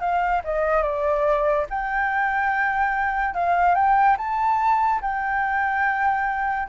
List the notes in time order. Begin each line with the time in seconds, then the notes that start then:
0.00 F5
0.44 D#5
0.83 D5
1.70 G5
3.34 F5
3.75 G5
4.17 A5
5.02 G5